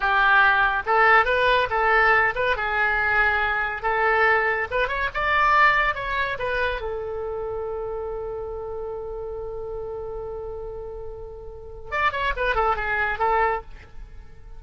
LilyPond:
\new Staff \with { instrumentName = "oboe" } { \time 4/4 \tempo 4 = 141 g'2 a'4 b'4 | a'4. b'8 gis'2~ | gis'4 a'2 b'8 cis''8 | d''2 cis''4 b'4 |
a'1~ | a'1~ | a'1 | d''8 cis''8 b'8 a'8 gis'4 a'4 | }